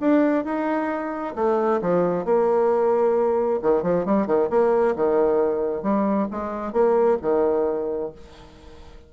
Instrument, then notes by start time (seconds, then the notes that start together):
bassoon
0.00 D4
0.44 D#4
1.35 A3
1.81 F3
2.25 A#3
3.62 D#3
3.82 F3
4.05 G3
4.26 D#3
4.49 A#3
4.95 D#3
5.82 G3
6.30 G#3
6.72 A#3
7.21 D#3